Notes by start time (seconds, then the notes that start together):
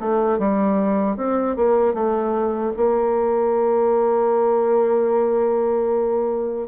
0.00 A3
0.39 G3
1.17 C4
1.57 A#3
1.94 A3
2.77 A#3